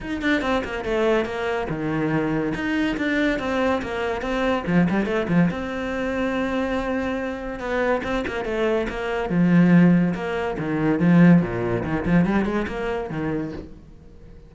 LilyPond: \new Staff \with { instrumentName = "cello" } { \time 4/4 \tempo 4 = 142 dis'8 d'8 c'8 ais8 a4 ais4 | dis2 dis'4 d'4 | c'4 ais4 c'4 f8 g8 | a8 f8 c'2.~ |
c'2 b4 c'8 ais8 | a4 ais4 f2 | ais4 dis4 f4 ais,4 | dis8 f8 g8 gis8 ais4 dis4 | }